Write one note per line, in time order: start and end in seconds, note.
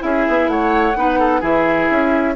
0.00 0.27 C#4
0.00 0.93 E4
0.00 0.51 G#4
0.00 0.49 E5
0.29 0.48 B3
0.48 0.95 A3
0.48 0.98 C#5
0.48 1.42 F#5
0.97 1.42 B3
0.97 1.42 D#4
0.97 1.20 B4
1.20 1.41 A4
1.41 1.89 E3
1.41 2.35 E4
1.41 2.34 G#4
1.41 2.36 E5
1.91 2.37 C#4